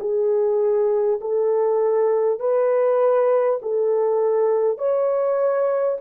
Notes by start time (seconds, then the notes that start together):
0.00 G#4
1.21 A4
2.40 B4
3.62 A4
4.78 C#5